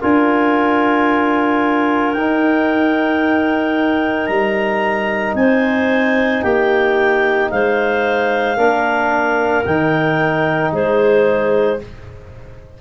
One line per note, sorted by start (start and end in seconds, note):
0.00 2.14 D4
0.00 2.15 F4
0.00 5.36 A#4
0.00 2.13 G#5
2.13 4.28 D#4
2.13 8.57 D#4
2.13 4.26 G5
4.26 5.34 G3
4.26 5.33 A#5
5.34 6.41 C4
5.34 6.43 C5
5.34 6.42 G#5
6.42 7.50 A#3
6.42 7.50 G4
6.42 7.50 G5
7.50 8.56 G#3
7.50 8.56 C5
7.50 9.65 F5
8.56 9.64 A#3
8.56 9.64 D4
8.56 10.71 A#4
9.65 10.72 D#3
9.65 11.79 D#4
9.65 10.72 G5
10.72 11.79 G#3
10.72 11.79 G#4
10.72 11.81 C5